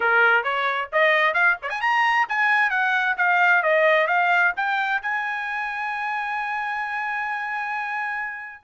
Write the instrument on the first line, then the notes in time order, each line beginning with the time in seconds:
trumpet
0.00 A#4
0.43 C#5
0.92 D#5
1.34 F5
1.62 C#5
1.69 G#5
1.81 A#5
2.28 G#5
2.70 F#5
3.17 F5
3.62 D#5
4.07 F5
4.56 G5
5.01 G#5